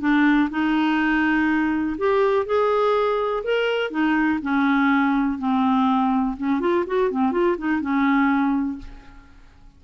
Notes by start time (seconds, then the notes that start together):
0.00 D4
0.50 D#4
1.97 G4
2.46 G#4
3.44 A#4
3.90 D#4
4.42 C#4
5.38 C4
6.37 C#4
6.60 F4
6.86 F#4
7.11 C4
7.31 F4
7.57 D#4
7.81 C#4